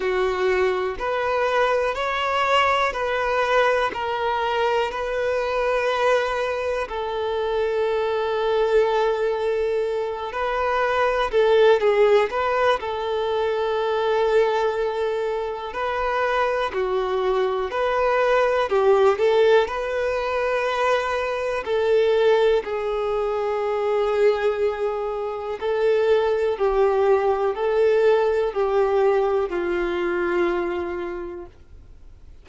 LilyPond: \new Staff \with { instrumentName = "violin" } { \time 4/4 \tempo 4 = 61 fis'4 b'4 cis''4 b'4 | ais'4 b'2 a'4~ | a'2~ a'8 b'4 a'8 | gis'8 b'8 a'2. |
b'4 fis'4 b'4 g'8 a'8 | b'2 a'4 gis'4~ | gis'2 a'4 g'4 | a'4 g'4 f'2 | }